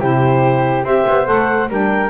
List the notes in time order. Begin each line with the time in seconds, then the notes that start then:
0.00 C3 E4 G4 C5
0.84 C4 G4 C5 E5
1.07 B3
1.26 A3 A4 F#5
1.69 G3 D4 A#4 G5